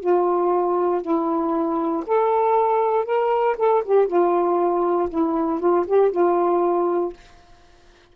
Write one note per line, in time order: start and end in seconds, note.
0.00 1.02 F4
1.02 2.03 E4
2.06 3.05 A4
3.05 3.55 A#4
3.57 3.83 A4
3.85 4.07 G4
4.07 5.08 F4
5.09 5.59 E4
5.59 5.85 F4
5.87 6.11 G4
6.11 7.13 F4